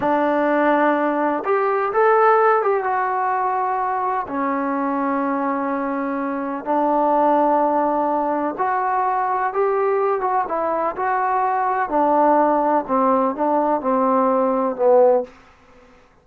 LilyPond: \new Staff \with { instrumentName = "trombone" } { \time 4/4 \tempo 4 = 126 d'2. g'4 | a'4. g'8 fis'2~ | fis'4 cis'2.~ | cis'2 d'2~ |
d'2 fis'2 | g'4. fis'8 e'4 fis'4~ | fis'4 d'2 c'4 | d'4 c'2 b4 | }